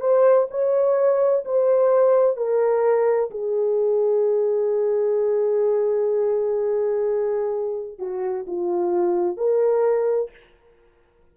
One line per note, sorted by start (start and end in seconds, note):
0.00 0.47 C5
0.50 1.44 C#5
1.44 2.36 C5
2.36 3.30 A#4
3.30 7.98 G#4
7.98 8.45 F#4
8.47 9.37 F4
9.37 10.30 A#4